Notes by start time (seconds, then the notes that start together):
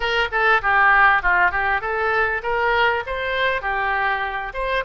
0.00 A#4
0.31 A4
0.62 G4
1.22 F4
1.51 G4
1.81 A4
2.42 A#4
3.06 C5
3.61 G4
4.53 C5